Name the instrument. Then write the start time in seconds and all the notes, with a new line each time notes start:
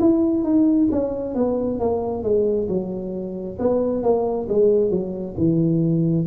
tuba
0.00 E4
0.44 D#4
0.92 C#4
1.35 B3
1.80 A#3
2.24 G#3
2.69 F#3
3.59 B3
4.03 A#3
4.49 G#3
4.91 F#3
5.38 E3